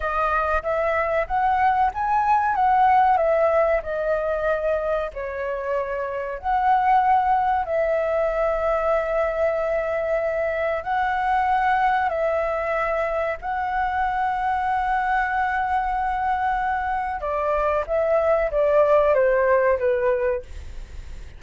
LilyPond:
\new Staff \with { instrumentName = "flute" } { \time 4/4 \tempo 4 = 94 dis''4 e''4 fis''4 gis''4 | fis''4 e''4 dis''2 | cis''2 fis''2 | e''1~ |
e''4 fis''2 e''4~ | e''4 fis''2.~ | fis''2. d''4 | e''4 d''4 c''4 b'4 | }